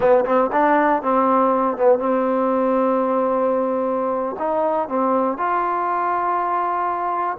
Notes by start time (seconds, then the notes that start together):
0.00 B3
0.25 C4
0.52 D4
1.02 C4
1.77 B3
1.98 C4
4.38 D#4
4.88 C4
5.37 F4